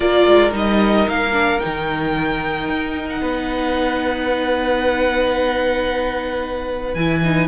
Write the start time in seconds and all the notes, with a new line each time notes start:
0.00 A#3 F4 A#4 D5
0.26 G#3
0.50 G3 D#4 D#5
1.07 A#3 F5
1.32 D4
1.59 D#4 G5
1.65 D#3
2.68 D#4
3.09 F#5
3.21 B3 B4
6.93 E3 E4 G#5
7.23 D#4